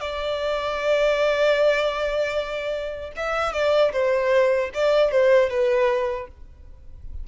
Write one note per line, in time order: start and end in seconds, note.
0.00 3.12 D5
3.16 3.52 E5
3.52 3.91 D5
3.92 4.70 C5
4.74 5.11 D5
5.11 5.49 C5
5.49 6.27 B4